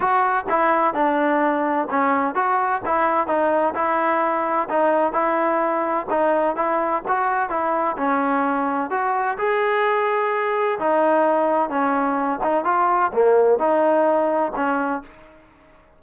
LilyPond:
\new Staff \with { instrumentName = "trombone" } { \time 4/4 \tempo 4 = 128 fis'4 e'4 d'2 | cis'4 fis'4 e'4 dis'4 | e'2 dis'4 e'4~ | e'4 dis'4 e'4 fis'4 |
e'4 cis'2 fis'4 | gis'2. dis'4~ | dis'4 cis'4. dis'8 f'4 | ais4 dis'2 cis'4 | }